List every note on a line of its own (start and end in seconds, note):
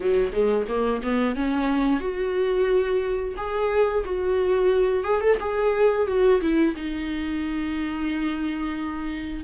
0.00 0.32 F#3
0.32 0.66 G#3
0.68 1.01 A#3
1.02 1.35 B3
1.35 1.99 C#4
1.99 3.34 F#4
3.36 4.04 G#4
4.04 5.04 F#4
5.04 5.20 G#4
5.20 5.37 A4
5.40 6.07 G#4
6.07 6.40 F#4
6.41 6.74 E4
6.76 9.44 D#4